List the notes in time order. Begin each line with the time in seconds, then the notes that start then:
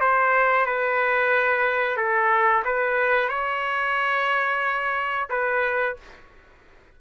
0.00 C5
0.66 B4
1.96 A4
2.65 B4
3.29 C#5
5.29 B4